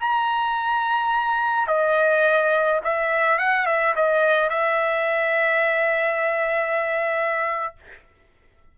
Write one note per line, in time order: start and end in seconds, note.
0.00 1.67 A#5
1.67 2.80 D#5
2.84 3.38 E5
3.38 3.66 F#5
3.66 3.94 E5
3.95 4.49 D#5
4.49 7.75 E5